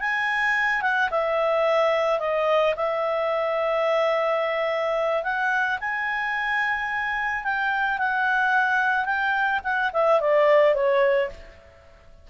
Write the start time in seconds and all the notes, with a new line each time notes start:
0.00 G#5
0.82 F#5
1.10 E5
2.19 D#5
2.76 E5
5.23 F#5
5.80 G#5
7.44 G5
7.98 F#5
9.05 G5
9.64 F#5
9.93 E5
10.20 D5
10.74 C#5